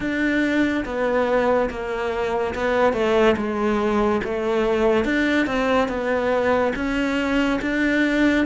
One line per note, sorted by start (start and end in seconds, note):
0.00 0.84 D4
0.85 1.69 B3
1.69 2.54 A#3
2.54 2.93 B3
2.93 3.35 A3
3.36 4.21 G#3
4.24 5.04 A3
5.04 5.46 D4
5.46 5.88 C4
5.88 6.72 B3
6.75 7.60 C#4
7.61 8.45 D4